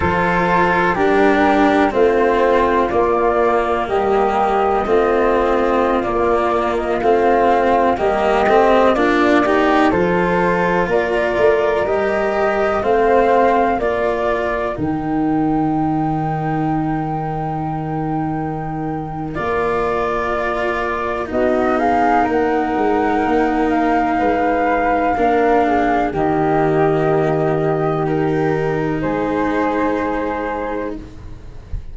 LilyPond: <<
  \new Staff \with { instrumentName = "flute" } { \time 4/4 \tempo 4 = 62 c''4 ais'4 c''4 d''4 | dis''2~ dis''16 d''8. dis''16 f''8.~ | f''16 dis''4 d''4 c''4 d''8.~ | d''16 dis''4 f''4 d''4 g''8.~ |
g''1 | d''2 dis''8 f''8 fis''4~ | fis''8 f''2~ f''8 dis''4~ | dis''4 ais'4 c''2 | }
  \new Staff \with { instrumentName = "flute" } { \time 4/4 a'4 g'4 f'2 | g'4 f'2.~ | f'16 g'4 f'8 g'8 a'4 ais'8.~ | ais'4~ ais'16 c''4 ais'4.~ ais'16~ |
ais'1~ | ais'2 fis'8 gis'8 ais'4~ | ais'4 b'4 ais'8 gis'8 g'4~ | g'2 gis'2 | }
  \new Staff \with { instrumentName = "cello" } { \time 4/4 f'4 d'4 c'4 ais4~ | ais4 c'4~ c'16 ais4 c'8.~ | c'16 ais8 c'8 d'8 dis'8 f'4.~ f'16~ | f'16 g'4 c'4 f'4 dis'8.~ |
dis'1 | f'2 dis'2~ | dis'2 d'4 ais4~ | ais4 dis'2. | }
  \new Staff \with { instrumentName = "tuba" } { \time 4/4 f4 g4 a4 ais4 | g4 a4~ a16 ais4 a8.~ | a16 g8 a8 ais4 f4 ais8 a16~ | a16 g4 a4 ais4 dis8.~ |
dis1 | ais2 b4 ais8 gis8 | ais4 gis4 ais4 dis4~ | dis2 gis2 | }
>>